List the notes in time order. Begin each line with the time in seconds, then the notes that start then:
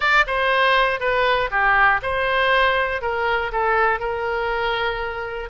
0.00 D5
0.27 C5
1.00 B4
1.50 G4
2.02 C5
3.01 A#4
3.51 A4
3.99 A#4